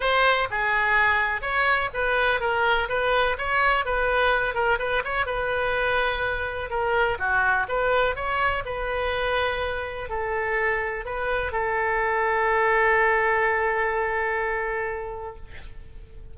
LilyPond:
\new Staff \with { instrumentName = "oboe" } { \time 4/4 \tempo 4 = 125 c''4 gis'2 cis''4 | b'4 ais'4 b'4 cis''4 | b'4. ais'8 b'8 cis''8 b'4~ | b'2 ais'4 fis'4 |
b'4 cis''4 b'2~ | b'4 a'2 b'4 | a'1~ | a'1 | }